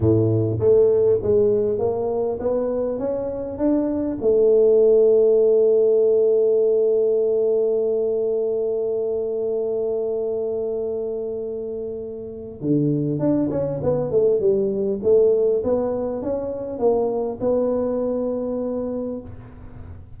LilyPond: \new Staff \with { instrumentName = "tuba" } { \time 4/4 \tempo 4 = 100 a,4 a4 gis4 ais4 | b4 cis'4 d'4 a4~ | a1~ | a1~ |
a1~ | a4 d4 d'8 cis'8 b8 a8 | g4 a4 b4 cis'4 | ais4 b2. | }